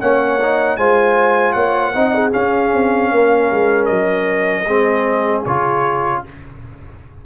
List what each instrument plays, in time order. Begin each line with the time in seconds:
0.00 tuba A#3, trombone C#4, horn C#5, trumpet F#5
0.40 trombone D#4
0.77 tuba G#3, trombone F4, horn C5, trumpet G#5
1.52 tuba A#3, horn C#5, trumpet F#5
1.94 tuba C4, trombone D#4, horn D#5
2.15 horn G#4
2.31 trombone C#4, tuba C#4, trumpet F5
2.73 tuba C4
3.11 tuba A#3, horn A#4
3.51 tuba G#3
3.85 tuba F#3, trumpet D#5
4.64 tuba G#3, trombone C4, horn G#4
5.45 tuba C#3, trombone F4, trumpet C#5